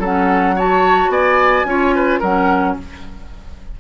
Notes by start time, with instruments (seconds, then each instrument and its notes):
0.00 bassoon F#3, clarinet C#4, oboe A4, flute F#5
0.56 clarinet F#4, oboe C#5, flute A5
1.09 bassoon B3, oboe D5, flute G#5
1.65 bassoon C#4, clarinet F4, oboe C#5
1.96 oboe B4
2.20 bassoon F#3, clarinet C#4, oboe A#4, flute F#5